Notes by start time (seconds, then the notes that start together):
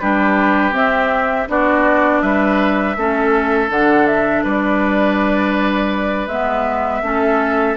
0.00 G3 D4 G4 B4
0.73 C4 E5
1.48 B3 D4 F#4 D5
2.22 G3 B4 E5
2.97 A3 C#4 A4
3.69 D3 D4 F#5
4.07 E5
4.44 G3 B4 D5
6.28 G#3 B3 E5
7.03 A3 C#4 A4